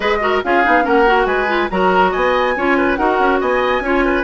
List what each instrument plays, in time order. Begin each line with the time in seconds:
0.00 bassoon G#3, clarinet G#4, oboe B4, flute D#5
0.20 clarinet F#4, oboe A#4
0.43 bassoon C#4, clarinet F4, oboe G#4, flute F5
0.64 bassoon B3, clarinet D#4
0.83 bassoon A#3, clarinet C#4, oboe A#4, flute F#5
1.06 clarinet F#4
1.25 bassoon G#3, oboe B4, flute G#5
1.47 clarinet F4
1.70 bassoon F#3, clarinet F#4, oboe A#4, flute A#5
2.11 bassoon B3, oboe D#5, flute G#5
2.56 bassoon C#4, clarinet F4, oboe C#5
2.77 oboe B4
2.95 bassoon D#4, clarinet F#4, oboe A#4, flute F#5
3.19 bassoon C#4
3.40 bassoon B3, oboe D#5, flute G#5
3.80 bassoon C#4, clarinet F4, oboe C#5
4.04 oboe B4